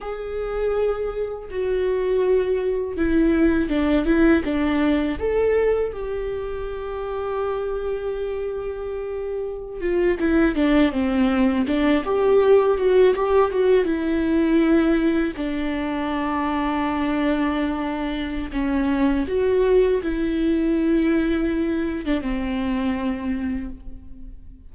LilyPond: \new Staff \with { instrumentName = "viola" } { \time 4/4 \tempo 4 = 81 gis'2 fis'2 | e'4 d'8 e'8 d'4 a'4 | g'1~ | g'4~ g'16 f'8 e'8 d'8 c'4 d'16~ |
d'16 g'4 fis'8 g'8 fis'8 e'4~ e'16~ | e'8. d'2.~ d'16~ | d'4 cis'4 fis'4 e'4~ | e'4.~ e'16 d'16 c'2 | }